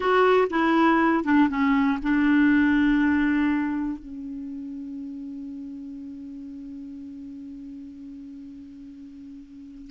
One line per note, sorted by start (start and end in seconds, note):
0.00 0.48 F#4
0.50 1.24 E4
1.24 1.49 D4
1.49 1.98 C#4
2.02 3.98 D4
3.98 9.90 C#4